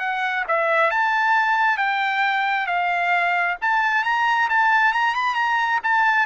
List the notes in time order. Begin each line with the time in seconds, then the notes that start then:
0.00 F#5
0.48 E5
0.91 A5
1.78 G5
2.67 F5
3.62 A5
4.04 A#5
4.50 A5
4.93 A#5
5.15 B5
5.35 A#5
5.84 A5